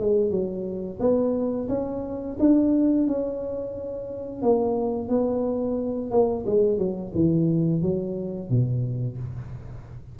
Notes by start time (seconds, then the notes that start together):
0.00 G#3
0.30 F#3
1.00 B3
1.69 C#4
2.39 D4
3.07 C#4
4.42 A#3
5.09 B3
6.11 A#3
6.46 G#3
6.78 F#3
7.15 E3
7.82 F#3
8.49 B2